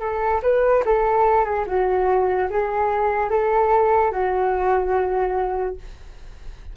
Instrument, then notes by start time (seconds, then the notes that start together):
flute
0.00 A4
0.42 B4
0.85 A4
1.45 G#4
1.67 F#4
2.50 G#4
3.30 A4
4.11 F#4